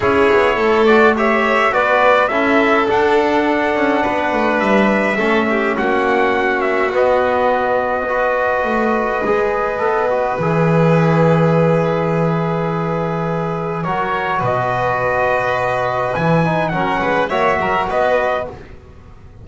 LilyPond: <<
  \new Staff \with { instrumentName = "trumpet" } { \time 4/4 \tempo 4 = 104 cis''4. d''8 e''4 d''4 | e''4 fis''2. | e''2 fis''4. e''8 | dis''1~ |
dis''2 e''2~ | e''1 | cis''4 dis''2. | gis''4 fis''4 e''4 dis''4 | }
  \new Staff \with { instrumentName = "violin" } { \time 4/4 gis'4 a'4 cis''4 b'4 | a'2. b'4~ | b'4 a'8 g'8 fis'2~ | fis'2 b'2~ |
b'1~ | b'1 | ais'4 b'2.~ | b'4 ais'8 b'8 cis''8 ais'8 b'4 | }
  \new Staff \with { instrumentName = "trombone" } { \time 4/4 e'4. fis'8 g'4 fis'4 | e'4 d'2.~ | d'4 cis'2. | b2 fis'2 |
gis'4 a'8 fis'8 gis'2~ | gis'1 | fis'1 | e'8 dis'8 cis'4 fis'2 | }
  \new Staff \with { instrumentName = "double bass" } { \time 4/4 cis'8 b8 a2 b4 | cis'4 d'4. cis'8 b8 a8 | g4 a4 ais2 | b2. a4 |
gis4 b4 e2~ | e1 | fis4 b,2. | e4 fis8 gis8 ais8 fis8 b4 | }
>>